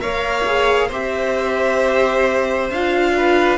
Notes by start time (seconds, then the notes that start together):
0.00 A#3 A#4 C#5 F5
0.46 G#4
0.88 C4 G4 C5 E5
2.70 D4 F4 F5
3.17 B4